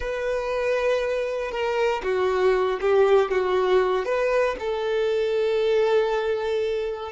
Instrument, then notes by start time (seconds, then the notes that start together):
violin
0.00 B4
1.51 A#4
2.03 F#4
2.80 G4
3.31 F#4
4.05 B4
4.59 A4